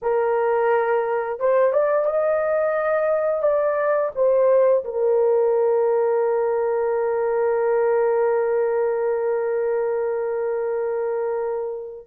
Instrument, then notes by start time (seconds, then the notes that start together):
horn
0.02 A#4
1.39 C5
1.72 D5
2.05 D#5
3.42 D5
4.15 C5
4.84 A#4